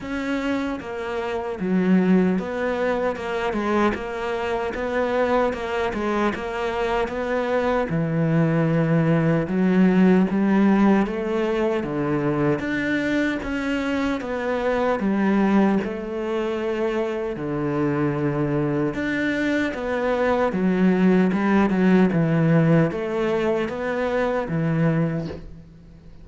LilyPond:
\new Staff \with { instrumentName = "cello" } { \time 4/4 \tempo 4 = 76 cis'4 ais4 fis4 b4 | ais8 gis8 ais4 b4 ais8 gis8 | ais4 b4 e2 | fis4 g4 a4 d4 |
d'4 cis'4 b4 g4 | a2 d2 | d'4 b4 fis4 g8 fis8 | e4 a4 b4 e4 | }